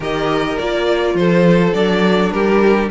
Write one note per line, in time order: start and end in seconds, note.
0.00 0.58 D#3
0.00 0.59 G4
0.00 1.15 A#4
0.00 0.57 D#5
0.57 1.14 A#3
0.57 1.74 F4
0.57 1.15 D5
1.14 1.72 F3
1.14 2.33 A4
1.14 1.73 C5
1.73 2.31 F#3
1.73 2.90 D4
1.73 2.31 D5
2.31 2.90 G3
2.31 2.90 G4
2.31 2.89 A#4